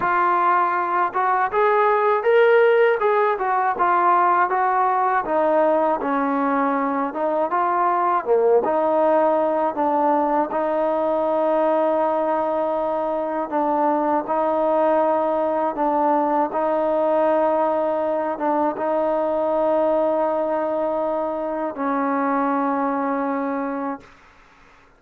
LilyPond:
\new Staff \with { instrumentName = "trombone" } { \time 4/4 \tempo 4 = 80 f'4. fis'8 gis'4 ais'4 | gis'8 fis'8 f'4 fis'4 dis'4 | cis'4. dis'8 f'4 ais8 dis'8~ | dis'4 d'4 dis'2~ |
dis'2 d'4 dis'4~ | dis'4 d'4 dis'2~ | dis'8 d'8 dis'2.~ | dis'4 cis'2. | }